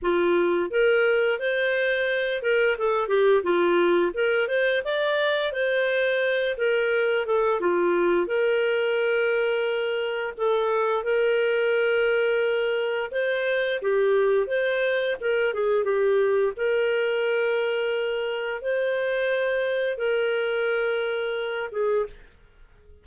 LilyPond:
\new Staff \with { instrumentName = "clarinet" } { \time 4/4 \tempo 4 = 87 f'4 ais'4 c''4. ais'8 | a'8 g'8 f'4 ais'8 c''8 d''4 | c''4. ais'4 a'8 f'4 | ais'2. a'4 |
ais'2. c''4 | g'4 c''4 ais'8 gis'8 g'4 | ais'2. c''4~ | c''4 ais'2~ ais'8 gis'8 | }